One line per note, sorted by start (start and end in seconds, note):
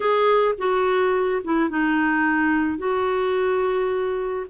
0.00 0.55 G#4
0.58 1.42 F#4
1.43 1.69 E4
1.69 2.78 D#4
2.78 4.46 F#4